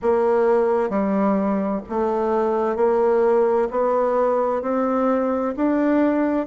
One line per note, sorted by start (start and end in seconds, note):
0.02 0.89 A#3
0.89 1.81 G3
1.89 2.76 A3
2.76 3.68 A#3
3.70 4.62 B3
4.62 5.54 C4
5.56 6.46 D4